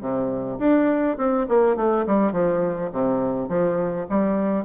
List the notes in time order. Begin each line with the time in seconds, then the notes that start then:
0.00 C3
0.59 D4
1.17 C4
1.48 A#3
1.76 A3
2.07 G3
2.32 F3
2.92 C3
3.48 F3
4.09 G3